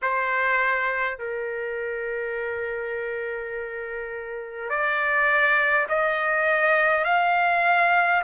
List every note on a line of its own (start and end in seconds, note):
0.02 1.18 C5
1.18 4.69 A#4
4.69 5.87 D5
5.88 7.04 D#5
7.04 8.22 F5